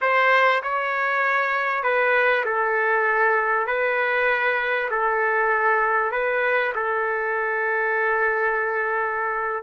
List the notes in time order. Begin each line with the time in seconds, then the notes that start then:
0.01 C5
0.62 C#5
1.83 B4
2.45 A4
3.67 B4
4.90 A4
6.11 B4
6.75 A4